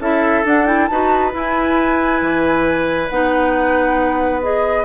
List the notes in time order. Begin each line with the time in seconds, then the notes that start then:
0.00 C#4 E4 A4 E5
0.45 D4 F#5
0.67 E4 G5
0.88 D#4 F#4 B4 A5
1.33 E4 G#5
2.22 E3
3.09 B3 D#4 F#5
4.43 G#4 D#5